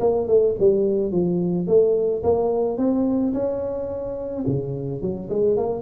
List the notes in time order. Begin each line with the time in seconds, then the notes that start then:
0.00 A#3
0.28 A3
0.59 G3
1.12 F3
1.67 A3
2.23 A#3
2.78 C4
3.34 C#4
4.47 C#3
5.02 F#3
5.30 G#3
5.57 A#3